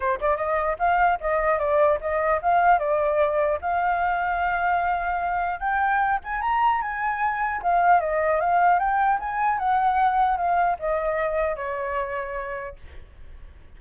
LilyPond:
\new Staff \with { instrumentName = "flute" } { \time 4/4 \tempo 4 = 150 c''8 d''8 dis''4 f''4 dis''4 | d''4 dis''4 f''4 d''4~ | d''4 f''2.~ | f''2 g''4. gis''8 |
ais''4 gis''2 f''4 | dis''4 f''4 g''4 gis''4 | fis''2 f''4 dis''4~ | dis''4 cis''2. | }